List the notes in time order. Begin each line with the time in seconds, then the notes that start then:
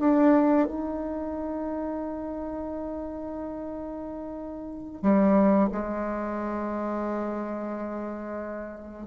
0.00 D4
0.67 D#4
5.02 G3
5.72 G#3